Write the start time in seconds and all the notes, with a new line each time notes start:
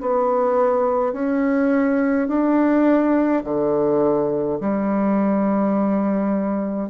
0.00 B3
1.13 C#4
2.28 D4
3.44 D3
4.60 G3